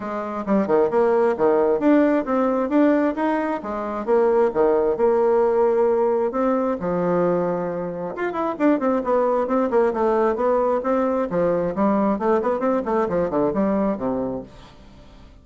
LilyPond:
\new Staff \with { instrumentName = "bassoon" } { \time 4/4 \tempo 4 = 133 gis4 g8 dis8 ais4 dis4 | d'4 c'4 d'4 dis'4 | gis4 ais4 dis4 ais4~ | ais2 c'4 f4~ |
f2 f'8 e'8 d'8 c'8 | b4 c'8 ais8 a4 b4 | c'4 f4 g4 a8 b8 | c'8 a8 f8 d8 g4 c4 | }